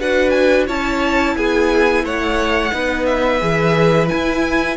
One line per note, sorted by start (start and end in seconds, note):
0.00 0.69 D4
0.00 0.68 F#4
0.00 0.67 B4
0.00 0.30 F#5
0.30 0.64 G#5
0.67 1.36 C#4
0.67 2.71 E4
0.67 1.36 C#5
0.67 1.37 A5
1.36 2.04 B3
1.36 2.05 G#4
1.36 2.06 G#5
2.04 2.72 A3
2.04 2.73 C#5
2.04 3.06 F#5
2.71 3.42 B3
2.71 3.39 D#4
2.71 4.78 B4
3.06 4.09 E5
3.40 4.11 E3
3.40 4.08 G#4
4.08 4.76 E4
4.08 4.78 E4
4.08 4.77 G#5